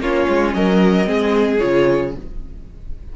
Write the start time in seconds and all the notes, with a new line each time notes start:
0.00 A#3 C#4 F4 C#5
0.29 G#3
0.54 F#3 A#4 D#5
1.05 G#3 C4 G#4
1.59 C#3 F4 C#5